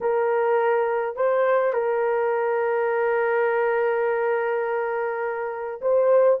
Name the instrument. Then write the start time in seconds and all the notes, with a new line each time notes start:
horn
0.00 A#4
1.15 C5
1.73 A#4
5.81 C5